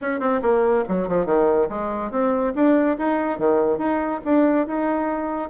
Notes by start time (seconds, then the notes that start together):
0.01 C#4
0.19 C4
0.41 A#3
0.88 F#3
1.08 F3
1.25 D#3
1.69 G#3
2.11 C4
2.55 D4
2.98 D#4
3.38 D#3
3.78 D#4
4.24 D4
4.67 D#4